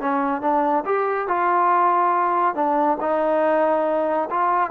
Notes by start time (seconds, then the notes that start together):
0.00 C#4
0.41 D4
0.85 G4
1.28 F4
2.55 D4
3.01 D#4
4.30 F4